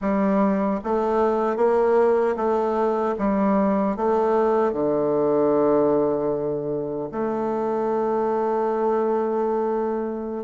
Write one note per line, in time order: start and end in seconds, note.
0.01 0.80 G3
0.84 1.56 A3
1.56 2.35 A#3
2.36 3.15 A3
3.18 3.96 G3
3.96 4.72 A3
4.72 7.09 D3
7.11 10.44 A3